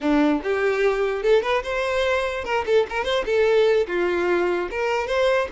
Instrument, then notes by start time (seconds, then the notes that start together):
violin
0.00 D4
0.43 G4
1.22 A4
1.42 B4
1.63 C5
2.44 A#4
2.66 A4
2.89 A#4
3.04 C5
3.25 A4
3.87 F4
4.70 A#4
5.07 C5